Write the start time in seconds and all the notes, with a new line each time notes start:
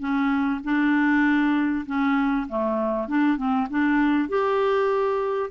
0.00 C#4
0.64 D4
1.87 C#4
2.49 A3
3.09 D4
3.38 C4
3.71 D4
4.29 G4